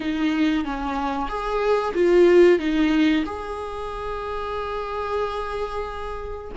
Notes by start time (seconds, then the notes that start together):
0.00 D#4
0.64 C#4
1.29 G#4
1.94 F4
2.59 D#4
3.25 G#4